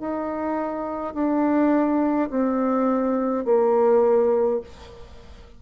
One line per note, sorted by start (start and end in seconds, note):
0.00 1.14 D#4
1.14 2.30 D4
2.30 3.45 C4
3.45 4.60 A#3